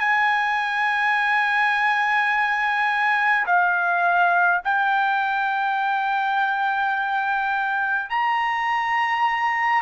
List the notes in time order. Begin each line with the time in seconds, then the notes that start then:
0.00 G#5
3.47 F5
4.65 G5
8.10 A#5